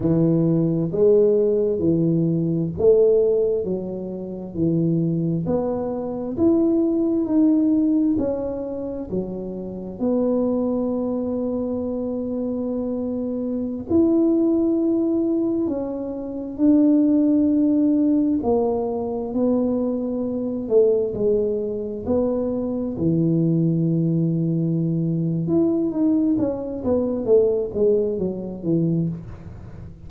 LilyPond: \new Staff \with { instrumentName = "tuba" } { \time 4/4 \tempo 4 = 66 e4 gis4 e4 a4 | fis4 e4 b4 e'4 | dis'4 cis'4 fis4 b4~ | b2.~ b16 e'8.~ |
e'4~ e'16 cis'4 d'4.~ d'16~ | d'16 ais4 b4. a8 gis8.~ | gis16 b4 e2~ e8. | e'8 dis'8 cis'8 b8 a8 gis8 fis8 e8 | }